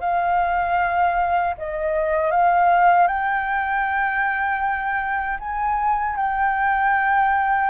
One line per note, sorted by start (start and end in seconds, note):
0.00 1.54 F5
1.57 2.31 D#5
2.31 3.07 F5
3.07 5.38 G5
5.39 6.16 G#5
6.16 7.70 G5